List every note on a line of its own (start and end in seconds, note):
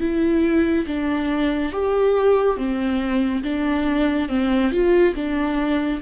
0.00 0.86 E4
0.86 1.72 D4
1.72 2.57 G4
2.57 3.42 C4
3.43 4.29 D4
4.29 4.71 C4
4.71 5.14 F4
5.15 6.00 D4